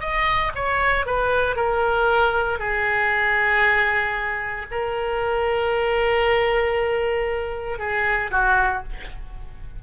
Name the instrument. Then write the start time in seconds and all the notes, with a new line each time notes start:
oboe
0.00 D#5
0.55 C#5
1.06 B4
1.56 A#4
2.59 G#4
4.71 A#4
7.79 G#4
8.31 F#4